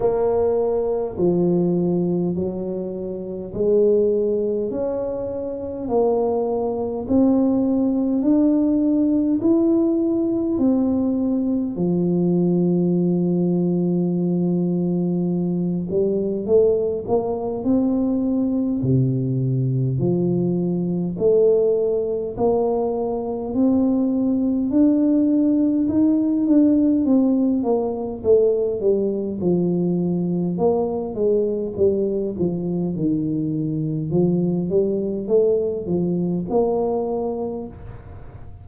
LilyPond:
\new Staff \with { instrumentName = "tuba" } { \time 4/4 \tempo 4 = 51 ais4 f4 fis4 gis4 | cis'4 ais4 c'4 d'4 | e'4 c'4 f2~ | f4. g8 a8 ais8 c'4 |
c4 f4 a4 ais4 | c'4 d'4 dis'8 d'8 c'8 ais8 | a8 g8 f4 ais8 gis8 g8 f8 | dis4 f8 g8 a8 f8 ais4 | }